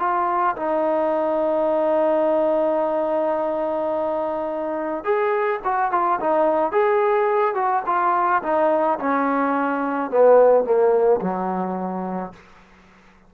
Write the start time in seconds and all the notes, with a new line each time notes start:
0.00 F4
0.57 D#4
5.04 G#4
5.65 F#4
5.92 F4
6.21 D#4
6.72 G#4
7.55 F#4
7.87 F4
8.43 D#4
8.99 C#4
10.11 B3
10.65 A#3
11.21 F#3